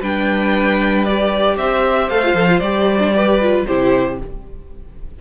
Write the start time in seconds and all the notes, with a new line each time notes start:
0.00 G3 D4 B4 G5
1.05 G4 D5
1.57 C4 C5 E5
2.09 A3 A4 F5
2.24 F4
2.34 F3 A4
2.48 F4
2.59 G3 G4 D5
2.99 D4
3.15 G4 B4
3.41 F4
3.66 C3 E4 G4 C5